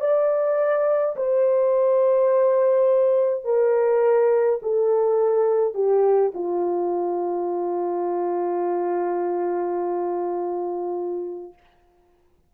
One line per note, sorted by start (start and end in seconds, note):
0.00 1.15 D5
1.16 3.44 C5
3.44 4.59 A#4
4.62 5.74 A4
5.74 6.31 G4
6.34 11.53 F4